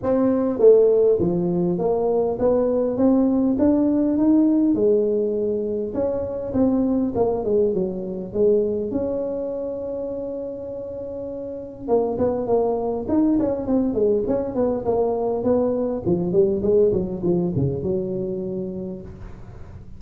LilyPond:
\new Staff \with { instrumentName = "tuba" } { \time 4/4 \tempo 4 = 101 c'4 a4 f4 ais4 | b4 c'4 d'4 dis'4 | gis2 cis'4 c'4 | ais8 gis8 fis4 gis4 cis'4~ |
cis'1 | ais8 b8 ais4 dis'8 cis'8 c'8 gis8 | cis'8 b8 ais4 b4 f8 g8 | gis8 fis8 f8 cis8 fis2 | }